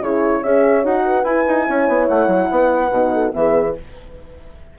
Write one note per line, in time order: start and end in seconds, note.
0.00 0.41 C#3
0.00 0.43 E4
0.00 0.40 G#4
0.00 0.43 C#5
0.40 0.84 C#4
0.40 0.83 G#4
0.40 1.02 C#5
0.40 0.84 E5
0.83 1.23 D#4
0.83 1.25 F#4
0.83 1.24 F#5
1.05 1.66 B4
1.23 1.44 E4
1.23 2.92 E4
1.23 2.07 G#5
1.48 1.68 D#4
1.66 1.88 C#4
1.66 2.49 C#5
1.88 2.08 B3
2.08 2.27 A3
2.08 3.32 F#5
2.27 2.48 F#3
2.51 2.91 B3
2.51 3.13 B4
2.91 3.32 B2
2.91 3.32 D#4
3.13 3.34 A4
3.32 3.76 E3
3.32 3.74 B3
3.32 3.78 G#4
3.32 3.75 E5